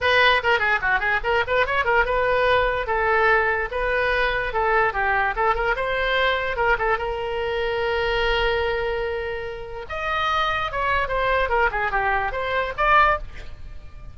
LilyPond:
\new Staff \with { instrumentName = "oboe" } { \time 4/4 \tempo 4 = 146 b'4 ais'8 gis'8 fis'8 gis'8 ais'8 b'8 | cis''8 ais'8 b'2 a'4~ | a'4 b'2 a'4 | g'4 a'8 ais'8 c''2 |
ais'8 a'8 ais'2.~ | ais'1 | dis''2 cis''4 c''4 | ais'8 gis'8 g'4 c''4 d''4 | }